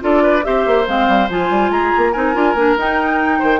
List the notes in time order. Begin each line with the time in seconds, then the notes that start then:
0.00 D4 F4 A4 D5
0.23 B4
0.43 C4 G4 C5 E5
0.66 A#3
0.86 G#3 C4 F5
1.08 G3
1.29 F3 F4 G#5
1.50 G3
1.70 G#3 G#4 A#5
1.97 A#3
2.12 C4 D#4 A#4 G#5
2.34 D4 F4
2.54 A#3 D4
2.77 D#4 G5
3.39 D#3 C5